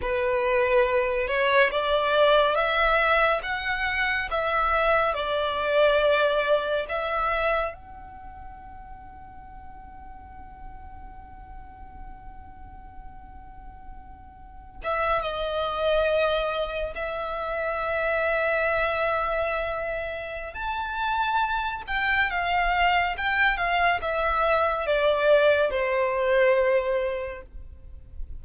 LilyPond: \new Staff \with { instrumentName = "violin" } { \time 4/4 \tempo 4 = 70 b'4. cis''8 d''4 e''4 | fis''4 e''4 d''2 | e''4 fis''2.~ | fis''1~ |
fis''4~ fis''16 e''8 dis''2 e''16~ | e''1 | a''4. g''8 f''4 g''8 f''8 | e''4 d''4 c''2 | }